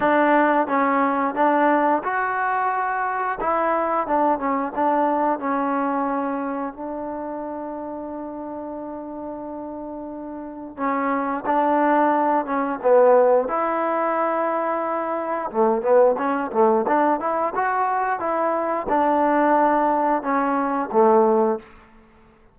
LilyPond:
\new Staff \with { instrumentName = "trombone" } { \time 4/4 \tempo 4 = 89 d'4 cis'4 d'4 fis'4~ | fis'4 e'4 d'8 cis'8 d'4 | cis'2 d'2~ | d'1 |
cis'4 d'4. cis'8 b4 | e'2. a8 b8 | cis'8 a8 d'8 e'8 fis'4 e'4 | d'2 cis'4 a4 | }